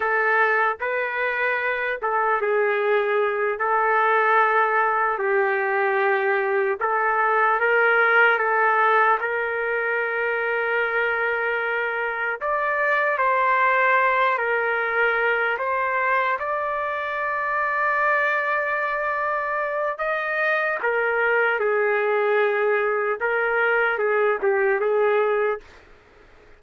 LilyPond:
\new Staff \with { instrumentName = "trumpet" } { \time 4/4 \tempo 4 = 75 a'4 b'4. a'8 gis'4~ | gis'8 a'2 g'4.~ | g'8 a'4 ais'4 a'4 ais'8~ | ais'2.~ ais'8 d''8~ |
d''8 c''4. ais'4. c''8~ | c''8 d''2.~ d''8~ | d''4 dis''4 ais'4 gis'4~ | gis'4 ais'4 gis'8 g'8 gis'4 | }